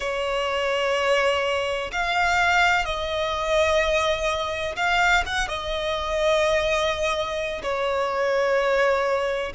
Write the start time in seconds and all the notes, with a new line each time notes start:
0.00 C#5
1.91 F5
2.85 D#5
4.76 F5
5.26 F#5
5.48 D#5
7.62 C#5